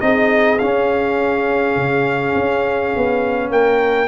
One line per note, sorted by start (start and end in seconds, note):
0.00 0.60 C4
0.00 0.58 D#4
0.00 3.52 G#4
0.00 0.58 D#5
0.58 4.08 C#4
0.58 1.75 C#4
0.58 3.49 F5
1.75 2.34 C#3
2.34 2.92 C#4
2.96 3.50 B3
3.50 4.08 A#3
3.50 4.08 A#4
3.50 4.08 G5